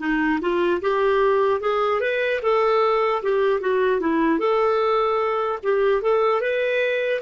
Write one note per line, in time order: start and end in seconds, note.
0.00 0.40 D#4
0.41 0.81 F4
0.82 1.61 G4
1.61 2.01 G#4
2.01 2.41 B4
2.43 3.23 A4
3.23 3.61 G4
3.61 4.01 F#4
4.01 4.39 E4
4.39 5.59 A4
5.63 6.02 G4
6.02 6.41 A4
6.41 7.21 B4